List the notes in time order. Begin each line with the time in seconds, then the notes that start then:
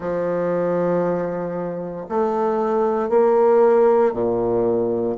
0.00 F3
2.08 A3
3.09 A#3
4.12 A#2